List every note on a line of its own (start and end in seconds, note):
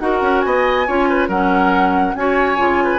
0.00 0.22 D#4
0.00 0.87 F#4
0.00 0.46 A#4
0.00 0.41 F#5
0.22 0.43 C#4
0.41 0.88 B3
0.41 0.88 D#5
0.41 1.27 G#5
0.87 1.29 C#4
0.87 1.30 F4
0.87 1.09 C#5
1.09 1.29 B4
1.29 2.15 F#3
1.29 2.17 C#4
1.29 2.15 A#4
1.29 2.15 F#5
2.15 2.59 C#4
2.15 2.57 F#4
2.15 2.84 C#5
2.15 3.00 G#5
2.57 3.00 C#3
2.57 3.00 F4
2.84 3.00 B4